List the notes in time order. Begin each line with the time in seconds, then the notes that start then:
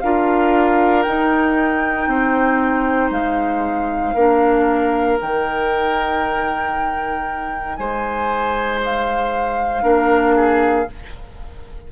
0.00 D4 F4 A#4 F5
1.02 D#4 G5
2.07 C4 C5
3.10 G#3 F5
4.14 A#3 D4 A#4
5.20 D#3 D#4 G5
7.76 G#3 C5 G#5
8.85 F5
9.82 A#3 D4 A#4
10.36 G#4